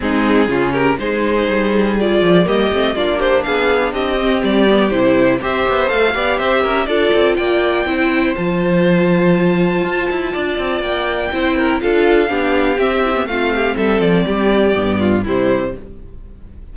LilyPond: <<
  \new Staff \with { instrumentName = "violin" } { \time 4/4 \tempo 4 = 122 gis'4. ais'8 c''2 | d''4 dis''4 d''8 c''8 f''4 | dis''4 d''4 c''4 e''4 | f''4 e''4 d''4 g''4~ |
g''4 a''2.~ | a''2 g''2 | f''2 e''4 f''4 | e''8 d''2~ d''8 c''4 | }
  \new Staff \with { instrumentName = "violin" } { \time 4/4 dis'4 f'8 g'8 gis'2~ | gis'4 g'4 f'8 g'8 gis'4 | g'2. c''4~ | c''8 d''8 c''8 ais'8 a'4 d''4 |
c''1~ | c''4 d''2 c''8 ais'8 | a'4 g'2 f'8 g'8 | a'4 g'4. f'8 e'4 | }
  \new Staff \with { instrumentName = "viola" } { \time 4/4 c'4 cis'4 dis'2 | f'4 ais8 c'8 d'2~ | d'8 c'4 b8 e'4 g'4 | a'8 g'4. f'2 |
e'4 f'2.~ | f'2. e'4 | f'4 d'4 c'8 e'16 b16 c'4~ | c'2 b4 g4 | }
  \new Staff \with { instrumentName = "cello" } { \time 4/4 gis4 cis4 gis4 g4~ | g8 f8 g8 a8 ais4 b4 | c'4 g4 c4 c'8 b8 | a8 b8 c'8 cis'8 d'8 c'8 ais4 |
c'4 f2. | f'8 e'8 d'8 c'8 ais4 c'4 | d'4 b4 c'4 a4 | g8 f8 g4 g,4 c4 | }
>>